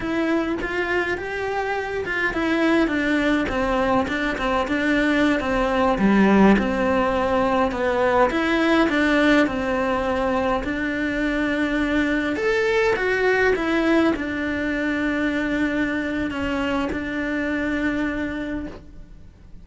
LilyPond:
\new Staff \with { instrumentName = "cello" } { \time 4/4 \tempo 4 = 103 e'4 f'4 g'4. f'8 | e'4 d'4 c'4 d'8 c'8 | d'4~ d'16 c'4 g4 c'8.~ | c'4~ c'16 b4 e'4 d'8.~ |
d'16 c'2 d'4.~ d'16~ | d'4~ d'16 a'4 fis'4 e'8.~ | e'16 d'2.~ d'8. | cis'4 d'2. | }